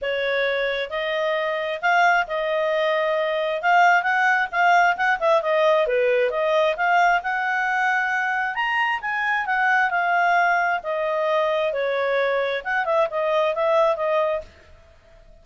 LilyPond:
\new Staff \with { instrumentName = "clarinet" } { \time 4/4 \tempo 4 = 133 cis''2 dis''2 | f''4 dis''2. | f''4 fis''4 f''4 fis''8 e''8 | dis''4 b'4 dis''4 f''4 |
fis''2. ais''4 | gis''4 fis''4 f''2 | dis''2 cis''2 | fis''8 e''8 dis''4 e''4 dis''4 | }